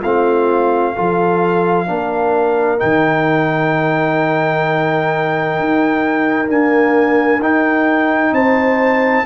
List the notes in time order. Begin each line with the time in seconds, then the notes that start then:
0.00 A3 C4 F4 F5
0.95 F3 F4 A4
1.87 A#3 D4 A#4
2.78 D#3 D#4 G5
5.59 D#4
6.47 A#3 D4 G#5
7.39 D#4 G5
8.32 C4 C5 A5